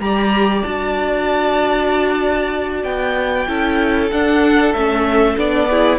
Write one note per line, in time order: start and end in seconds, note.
0.00 0.63 G3
0.00 0.65 G4
0.00 3.49 D5
0.00 0.64 A#5
0.64 2.84 D4
0.64 3.48 F#4
0.64 2.84 A5
2.84 3.48 B3
2.84 4.10 G5
3.48 4.12 C#4
3.48 4.11 E4
3.48 5.70 A4
4.12 4.75 D4
4.12 4.74 D4
4.12 4.74 F#5
4.74 5.37 A3
4.74 5.37 C#4
4.74 5.37 E5
5.37 5.99 B3
5.37 5.69 D4
5.37 5.99 D5
5.71 5.99 E4
5.71 5.99 G#4